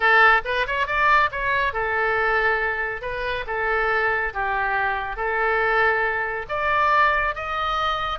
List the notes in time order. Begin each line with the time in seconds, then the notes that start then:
0.00 A4
0.44 B4
0.66 C#5
0.86 D5
1.31 C#5
1.73 A4
3.01 B4
3.46 A4
4.33 G4
5.16 A4
6.49 D5
7.35 D#5